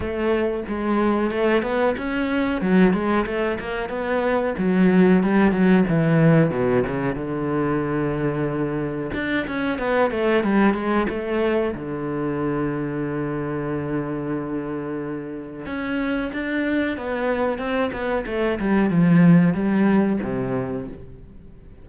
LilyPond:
\new Staff \with { instrumentName = "cello" } { \time 4/4 \tempo 4 = 92 a4 gis4 a8 b8 cis'4 | fis8 gis8 a8 ais8 b4 fis4 | g8 fis8 e4 b,8 cis8 d4~ | d2 d'8 cis'8 b8 a8 |
g8 gis8 a4 d2~ | d1 | cis'4 d'4 b4 c'8 b8 | a8 g8 f4 g4 c4 | }